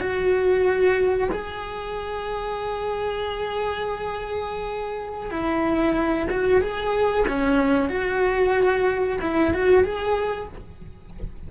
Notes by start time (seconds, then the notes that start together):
0.00 F#4
1.31 G#4
5.31 E4
6.30 F#4
6.61 G#4
7.27 C#4
7.89 F#4
9.21 E4
9.54 F#4
9.84 G#4